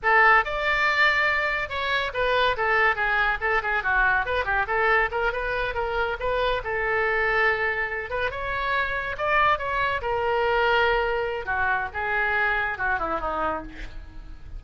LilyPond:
\new Staff \with { instrumentName = "oboe" } { \time 4/4 \tempo 4 = 141 a'4 d''2. | cis''4 b'4 a'4 gis'4 | a'8 gis'8 fis'4 b'8 g'8 a'4 | ais'8 b'4 ais'4 b'4 a'8~ |
a'2. b'8 cis''8~ | cis''4. d''4 cis''4 ais'8~ | ais'2. fis'4 | gis'2 fis'8 e'8 dis'4 | }